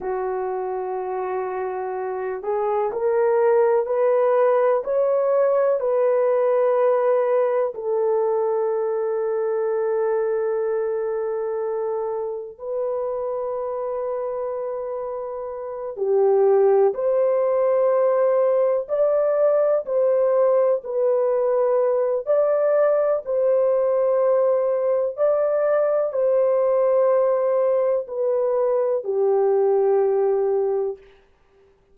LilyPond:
\new Staff \with { instrumentName = "horn" } { \time 4/4 \tempo 4 = 62 fis'2~ fis'8 gis'8 ais'4 | b'4 cis''4 b'2 | a'1~ | a'4 b'2.~ |
b'8 g'4 c''2 d''8~ | d''8 c''4 b'4. d''4 | c''2 d''4 c''4~ | c''4 b'4 g'2 | }